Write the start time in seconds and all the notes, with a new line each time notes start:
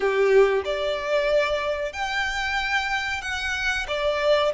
0.00 G4
0.65 D5
1.92 G5
3.21 F#5
3.87 D5